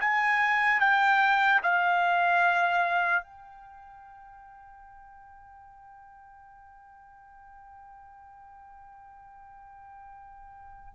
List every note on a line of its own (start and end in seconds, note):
0.00 0.80 G#5
0.80 1.61 G5
1.63 3.23 F5
3.23 10.93 G5